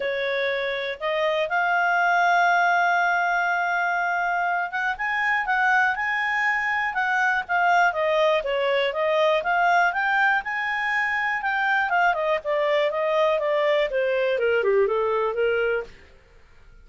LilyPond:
\new Staff \with { instrumentName = "clarinet" } { \time 4/4 \tempo 4 = 121 cis''2 dis''4 f''4~ | f''1~ | f''4. fis''8 gis''4 fis''4 | gis''2 fis''4 f''4 |
dis''4 cis''4 dis''4 f''4 | g''4 gis''2 g''4 | f''8 dis''8 d''4 dis''4 d''4 | c''4 ais'8 g'8 a'4 ais'4 | }